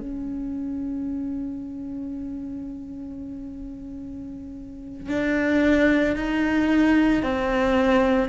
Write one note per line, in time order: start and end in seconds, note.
0.00 5.09 C#4
5.09 6.16 D4
6.16 7.23 D#4
7.23 8.29 C4